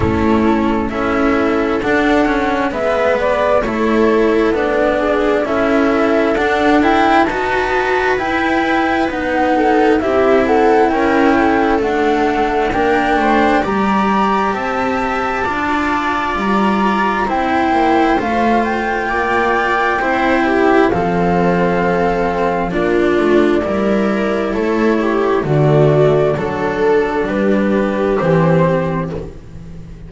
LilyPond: <<
  \new Staff \with { instrumentName = "flute" } { \time 4/4 \tempo 4 = 66 a'4 e''4 fis''4 e''8 d''8 | cis''4 d''4 e''4 fis''8 g''8 | a''4 g''4 fis''4 e''8 fis''8 | g''4 fis''4 g''4 ais''4 |
a''2 ais''4 g''4 | f''8 g''2~ g''8 f''4~ | f''4 d''2 cis''4 | d''4 a'4 b'4 c''4 | }
  \new Staff \with { instrumentName = "viola" } { \time 4/4 e'4 a'2 b'4 | a'4. gis'8 a'2 | b'2~ b'8 a'8 g'8 a'8 | ais'8 a'4. ais'8 c''8 d''4 |
e''4 d''2 c''4~ | c''4 d''4 c''8 g'8 a'4~ | a'4 f'4 ais'4 a'8 g'8 | fis'4 a'4 g'2 | }
  \new Staff \with { instrumentName = "cello" } { \time 4/4 cis'4 e'4 d'8 cis'8 b4 | e'4 d'4 e'4 d'8 e'8 | fis'4 e'4 dis'4 e'4~ | e'4 a4 d'4 g'4~ |
g'4 f'2 e'4 | f'2 e'4 c'4~ | c'4 d'4 e'2 | a4 d'2 c'4 | }
  \new Staff \with { instrumentName = "double bass" } { \time 4/4 a4 cis'4 d'4 gis4 | a4 b4 cis'4 d'4 | dis'4 e'4 b4 c'4 | cis'4 d'4 ais8 a8 g4 |
c'4 d'4 g4 c'8 ais8 | a4 ais4 c'4 f4~ | f4 ais8 a8 g4 a4 | d4 fis4 g4 e4 | }
>>